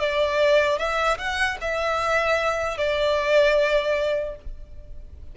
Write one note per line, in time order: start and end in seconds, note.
0.00 0.79 D5
0.79 1.18 E5
1.18 1.58 F#5
1.61 2.78 E5
2.78 4.36 D5